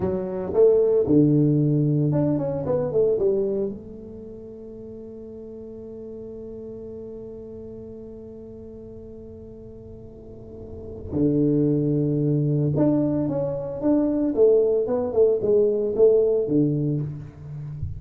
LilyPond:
\new Staff \with { instrumentName = "tuba" } { \time 4/4 \tempo 4 = 113 fis4 a4 d2 | d'8 cis'8 b8 a8 g4 a4~ | a1~ | a1~ |
a1~ | a4 d2. | d'4 cis'4 d'4 a4 | b8 a8 gis4 a4 d4 | }